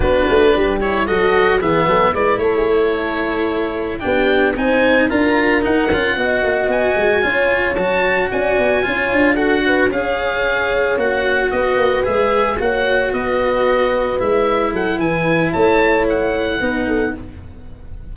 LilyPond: <<
  \new Staff \with { instrumentName = "oboe" } { \time 4/4 \tempo 4 = 112 b'4. cis''8 dis''4 e''4 | d''8 cis''2. g''8~ | g''8 gis''4 ais''4 fis''4.~ | fis''8 gis''2 a''4 gis''8~ |
gis''4. fis''4 f''4.~ | f''8 fis''4 dis''4 e''4 fis''8~ | fis''8 dis''2 e''4 fis''8 | gis''4 a''4 fis''2 | }
  \new Staff \with { instrumentName = "horn" } { \time 4/4 fis'4 g'4 a'4 gis'8 a'8 | b'8 a'16 gis'16 a'2~ a'8 g'8~ | g'8 c''4 ais'2 dis''8~ | dis''4. cis''2 d''8~ |
d''8 cis''4 a'8 b'8 cis''4.~ | cis''4. b'2 cis''8~ | cis''8 b'2. a'8 | b'4 cis''2 b'8 a'8 | }
  \new Staff \with { instrumentName = "cello" } { \time 4/4 d'4. e'8 fis'4 b4 | e'2.~ e'8 d'8~ | d'8 dis'4 f'4 dis'8 f'8 fis'8~ | fis'4. f'4 fis'4.~ |
fis'8 f'4 fis'4 gis'4.~ | gis'8 fis'2 gis'4 fis'8~ | fis'2~ fis'8 e'4.~ | e'2. dis'4 | }
  \new Staff \with { instrumentName = "tuba" } { \time 4/4 b8 a8 g4 fis4 e8 fis8 | gis8 a2. b8~ | b8 c'4 d'4 dis'8 cis'8 b8 | ais8 b8 gis8 cis'4 fis4 cis'8 |
b8 cis'8 d'4. cis'4.~ | cis'8 ais4 b8 ais8 gis4 ais8~ | ais8 b2 gis4 fis8 | e4 a2 b4 | }
>>